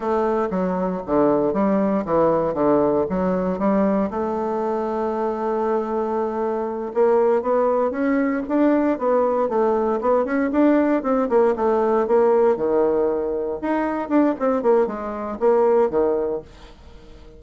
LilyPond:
\new Staff \with { instrumentName = "bassoon" } { \time 4/4 \tempo 4 = 117 a4 fis4 d4 g4 | e4 d4 fis4 g4 | a1~ | a4. ais4 b4 cis'8~ |
cis'8 d'4 b4 a4 b8 | cis'8 d'4 c'8 ais8 a4 ais8~ | ais8 dis2 dis'4 d'8 | c'8 ais8 gis4 ais4 dis4 | }